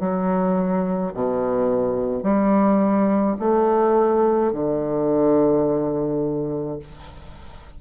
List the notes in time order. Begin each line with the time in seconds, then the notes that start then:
0.00 F#3
1.14 B2
2.23 G3
3.40 A3
4.53 D3